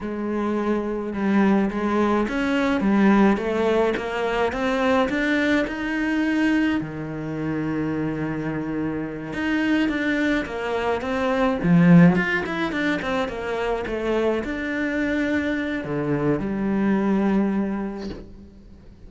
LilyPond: \new Staff \with { instrumentName = "cello" } { \time 4/4 \tempo 4 = 106 gis2 g4 gis4 | cis'4 g4 a4 ais4 | c'4 d'4 dis'2 | dis1~ |
dis8 dis'4 d'4 ais4 c'8~ | c'8 f4 f'8 e'8 d'8 c'8 ais8~ | ais8 a4 d'2~ d'8 | d4 g2. | }